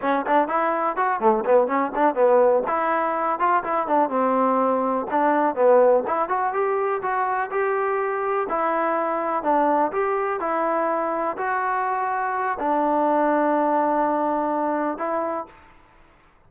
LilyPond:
\new Staff \with { instrumentName = "trombone" } { \time 4/4 \tempo 4 = 124 cis'8 d'8 e'4 fis'8 a8 b8 cis'8 | d'8 b4 e'4. f'8 e'8 | d'8 c'2 d'4 b8~ | b8 e'8 fis'8 g'4 fis'4 g'8~ |
g'4. e'2 d'8~ | d'8 g'4 e'2 fis'8~ | fis'2 d'2~ | d'2. e'4 | }